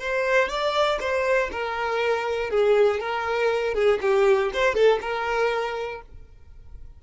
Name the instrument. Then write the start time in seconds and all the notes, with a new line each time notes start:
violin
0.00 C5
0.49 D5
1.00 C5
1.51 A#4
2.50 G#4
3.00 A#4
3.74 G#4
4.01 G4
4.53 C5
4.74 A4
5.01 A#4